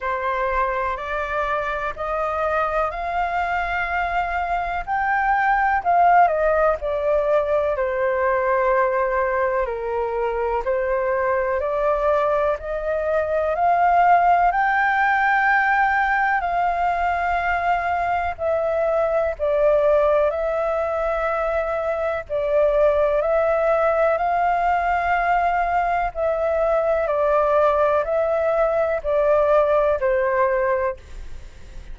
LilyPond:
\new Staff \with { instrumentName = "flute" } { \time 4/4 \tempo 4 = 62 c''4 d''4 dis''4 f''4~ | f''4 g''4 f''8 dis''8 d''4 | c''2 ais'4 c''4 | d''4 dis''4 f''4 g''4~ |
g''4 f''2 e''4 | d''4 e''2 d''4 | e''4 f''2 e''4 | d''4 e''4 d''4 c''4 | }